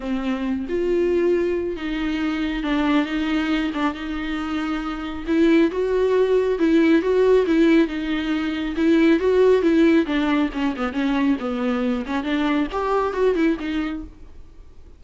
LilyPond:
\new Staff \with { instrumentName = "viola" } { \time 4/4 \tempo 4 = 137 c'4. f'2~ f'8 | dis'2 d'4 dis'4~ | dis'8 d'8 dis'2. | e'4 fis'2 e'4 |
fis'4 e'4 dis'2 | e'4 fis'4 e'4 d'4 | cis'8 b8 cis'4 b4. cis'8 | d'4 g'4 fis'8 e'8 dis'4 | }